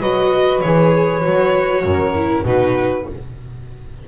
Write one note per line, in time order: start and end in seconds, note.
0.00 0.62 F#3
0.00 0.64 F#4
0.00 1.84 B4
0.00 0.61 D#5
0.61 1.25 E3
0.61 1.21 G#4
0.61 2.44 C#5
1.21 1.84 F#3
1.21 2.12 F#4
1.84 2.45 F#2
1.84 2.45 A#4
2.15 2.46 E4
2.45 3.07 B2
2.45 3.07 D#4
2.45 3.07 F#4
2.45 3.08 B4